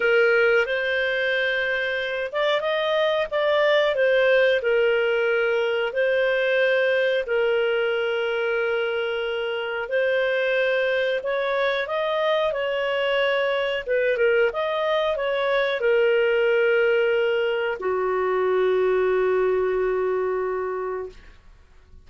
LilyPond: \new Staff \with { instrumentName = "clarinet" } { \time 4/4 \tempo 4 = 91 ais'4 c''2~ c''8 d''8 | dis''4 d''4 c''4 ais'4~ | ais'4 c''2 ais'4~ | ais'2. c''4~ |
c''4 cis''4 dis''4 cis''4~ | cis''4 b'8 ais'8 dis''4 cis''4 | ais'2. fis'4~ | fis'1 | }